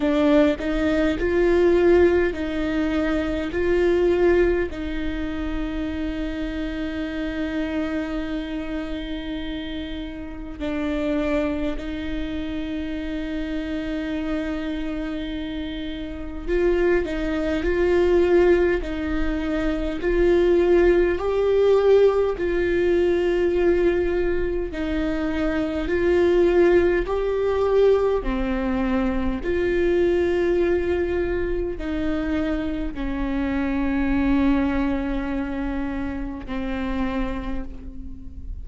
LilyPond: \new Staff \with { instrumentName = "viola" } { \time 4/4 \tempo 4 = 51 d'8 dis'8 f'4 dis'4 f'4 | dis'1~ | dis'4 d'4 dis'2~ | dis'2 f'8 dis'8 f'4 |
dis'4 f'4 g'4 f'4~ | f'4 dis'4 f'4 g'4 | c'4 f'2 dis'4 | cis'2. c'4 | }